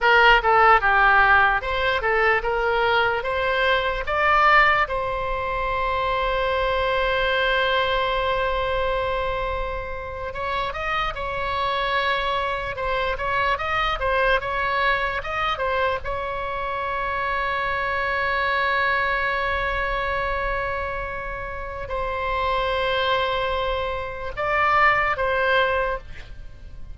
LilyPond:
\new Staff \with { instrumentName = "oboe" } { \time 4/4 \tempo 4 = 74 ais'8 a'8 g'4 c''8 a'8 ais'4 | c''4 d''4 c''2~ | c''1~ | c''8. cis''8 dis''8 cis''2 c''16~ |
c''16 cis''8 dis''8 c''8 cis''4 dis''8 c''8 cis''16~ | cis''1~ | cis''2. c''4~ | c''2 d''4 c''4 | }